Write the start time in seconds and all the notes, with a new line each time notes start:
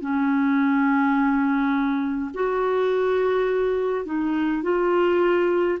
0.00 C#4
2.34 F#4
4.05 D#4
4.63 F4